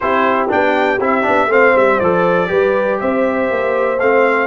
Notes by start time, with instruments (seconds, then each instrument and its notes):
0.00 tuba C4, trombone E4, horn G4, trumpet C5
0.48 tuba B3, trombone D4, trumpet G5
0.99 tuba C4, trombone E4, trumpet E5
1.22 tuba B3, trombone D4
1.47 tuba A3, trombone C4, horn C5, trumpet F5
1.75 tuba G3, trumpet E5
1.99 tuba F3, trombone A4, trumpet D5
2.47 tuba G3, trombone G4, horn B4
3.00 tuba C4, horn C5, trumpet E5
3.50 tuba A#3
3.99 tuba A3, trombone C4, trumpet F5